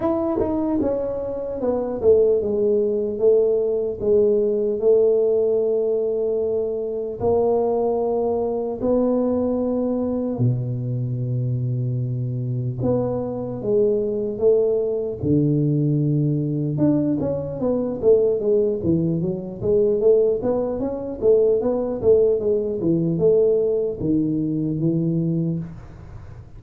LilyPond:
\new Staff \with { instrumentName = "tuba" } { \time 4/4 \tempo 4 = 75 e'8 dis'8 cis'4 b8 a8 gis4 | a4 gis4 a2~ | a4 ais2 b4~ | b4 b,2. |
b4 gis4 a4 d4~ | d4 d'8 cis'8 b8 a8 gis8 e8 | fis8 gis8 a8 b8 cis'8 a8 b8 a8 | gis8 e8 a4 dis4 e4 | }